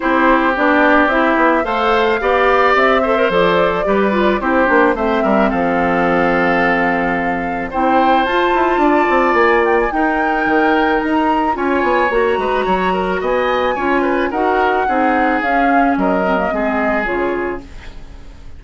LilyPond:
<<
  \new Staff \with { instrumentName = "flute" } { \time 4/4 \tempo 4 = 109 c''4 d''4 e''4 f''4~ | f''4 e''4 d''2 | c''4 e''4 f''2~ | f''2 g''4 a''4~ |
a''4 gis''8 g''16 gis''16 g''2 | ais''4 gis''4 ais''2 | gis''2 fis''2 | f''4 dis''2 cis''4 | }
  \new Staff \with { instrumentName = "oboe" } { \time 4/4 g'2. c''4 | d''4. c''4. b'4 | g'4 c''8 ais'8 a'2~ | a'2 c''2 |
d''2 ais'2~ | ais'4 cis''4. b'8 cis''8 ais'8 | dis''4 cis''8 b'8 ais'4 gis'4~ | gis'4 ais'4 gis'2 | }
  \new Staff \with { instrumentName = "clarinet" } { \time 4/4 e'4 d'4 e'4 a'4 | g'4. a'16 ais'16 a'4 g'8 f'8 | e'8 d'8 c'2.~ | c'2 e'4 f'4~ |
f'2 dis'2~ | dis'4 f'4 fis'2~ | fis'4 f'4 fis'4 dis'4 | cis'4. c'16 ais16 c'4 f'4 | }
  \new Staff \with { instrumentName = "bassoon" } { \time 4/4 c'4 b4 c'8 b8 a4 | b4 c'4 f4 g4 | c'8 ais8 a8 g8 f2~ | f2 c'4 f'8 e'8 |
d'8 c'8 ais4 dis'4 dis4 | dis'4 cis'8 b8 ais8 gis8 fis4 | b4 cis'4 dis'4 c'4 | cis'4 fis4 gis4 cis4 | }
>>